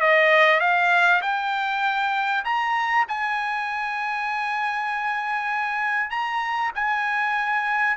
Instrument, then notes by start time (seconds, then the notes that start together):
trumpet
0.00 D#5
0.60 F5
1.22 G5
2.44 A#5
3.08 G#5
6.10 A#5
6.75 G#5